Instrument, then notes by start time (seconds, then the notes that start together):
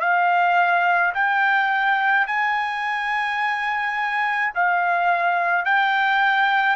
trumpet
0.00 F5
1.14 G5
2.27 G#5
4.54 F5
5.65 G5